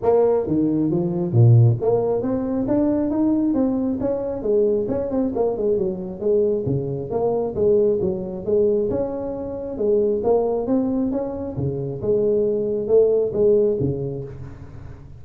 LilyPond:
\new Staff \with { instrumentName = "tuba" } { \time 4/4 \tempo 4 = 135 ais4 dis4 f4 ais,4 | ais4 c'4 d'4 dis'4 | c'4 cis'4 gis4 cis'8 c'8 | ais8 gis8 fis4 gis4 cis4 |
ais4 gis4 fis4 gis4 | cis'2 gis4 ais4 | c'4 cis'4 cis4 gis4~ | gis4 a4 gis4 cis4 | }